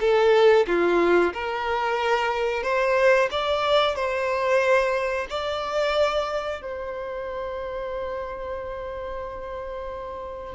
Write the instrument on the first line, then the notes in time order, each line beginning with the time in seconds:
violin
0.00 A4
0.67 F4
1.33 A#4
2.63 C5
3.31 D5
3.95 C5
5.30 D5
6.61 C5